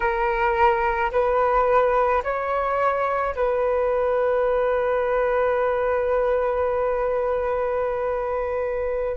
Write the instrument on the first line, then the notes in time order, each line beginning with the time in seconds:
flute
0.00 A#4
1.11 B4
2.23 C#5
3.35 B4